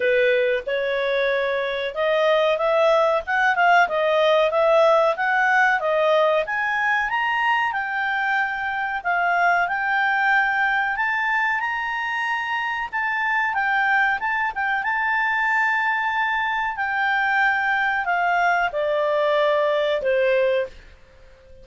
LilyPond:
\new Staff \with { instrumentName = "clarinet" } { \time 4/4 \tempo 4 = 93 b'4 cis''2 dis''4 | e''4 fis''8 f''8 dis''4 e''4 | fis''4 dis''4 gis''4 ais''4 | g''2 f''4 g''4~ |
g''4 a''4 ais''2 | a''4 g''4 a''8 g''8 a''4~ | a''2 g''2 | f''4 d''2 c''4 | }